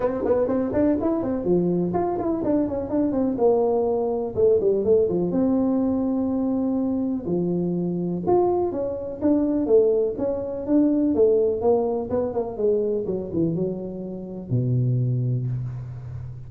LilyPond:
\new Staff \with { instrumentName = "tuba" } { \time 4/4 \tempo 4 = 124 c'8 b8 c'8 d'8 e'8 c'8 f4 | f'8 e'8 d'8 cis'8 d'8 c'8 ais4~ | ais4 a8 g8 a8 f8 c'4~ | c'2. f4~ |
f4 f'4 cis'4 d'4 | a4 cis'4 d'4 a4 | ais4 b8 ais8 gis4 fis8 e8 | fis2 b,2 | }